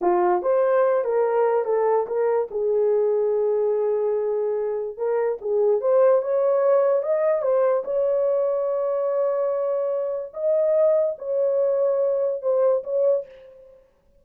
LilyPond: \new Staff \with { instrumentName = "horn" } { \time 4/4 \tempo 4 = 145 f'4 c''4. ais'4. | a'4 ais'4 gis'2~ | gis'1 | ais'4 gis'4 c''4 cis''4~ |
cis''4 dis''4 c''4 cis''4~ | cis''1~ | cis''4 dis''2 cis''4~ | cis''2 c''4 cis''4 | }